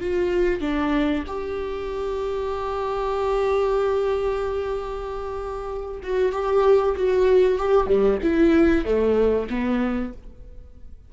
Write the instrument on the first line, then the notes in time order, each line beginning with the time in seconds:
viola
0.00 F4
0.60 D4
1.27 G4
6.03 F#4
6.32 G4
6.96 F#4
7.58 G4
7.86 G3
8.22 E4
8.85 A3
9.50 B3